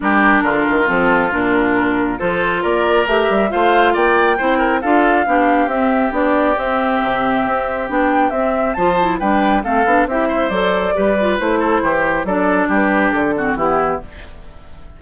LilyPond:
<<
  \new Staff \with { instrumentName = "flute" } { \time 4/4 \tempo 4 = 137 ais'2 a'4 ais'4~ | ais'4 c''4 d''4 e''4 | f''4 g''2 f''4~ | f''4 e''4 d''4 e''4~ |
e''2 g''4 e''4 | a''4 g''4 f''4 e''4 | d''2 c''2 | d''4 b'4 a'4 g'4 | }
  \new Staff \with { instrumentName = "oboe" } { \time 4/4 g'4 f'2.~ | f'4 a'4 ais'2 | c''4 d''4 c''8 ais'8 a'4 | g'1~ |
g'1 | c''4 b'4 a'4 g'8 c''8~ | c''4 b'4. a'8 g'4 | a'4 g'4. fis'8 e'4 | }
  \new Staff \with { instrumentName = "clarinet" } { \time 4/4 d'2 c'4 d'4~ | d'4 f'2 g'4 | f'2 e'4 f'4 | d'4 c'4 d'4 c'4~ |
c'2 d'4 c'4 | f'8 e'8 d'4 c'8 d'8 e'4 | a'4 g'8 f'8 e'2 | d'2~ d'8 c'8 b4 | }
  \new Staff \with { instrumentName = "bassoon" } { \time 4/4 g4 d8 dis8 f4 ais,4~ | ais,4 f4 ais4 a8 g8 | a4 ais4 c'4 d'4 | b4 c'4 b4 c'4 |
c4 c'4 b4 c'4 | f4 g4 a8 b8 c'4 | fis4 g4 a4 e4 | fis4 g4 d4 e4 | }
>>